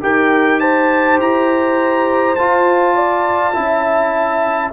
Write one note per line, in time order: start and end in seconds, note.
0.00 1.19 D#4
0.00 2.35 G4
0.00 0.60 A#4
0.00 0.60 G5
0.60 2.95 C5
0.60 1.18 A5
1.19 2.37 E4
1.19 2.35 A#5
2.35 3.53 F4
2.35 3.56 F4
2.35 4.70 A5
2.95 3.54 D5
3.53 4.72 C#4
3.53 4.71 E4
3.53 4.72 E5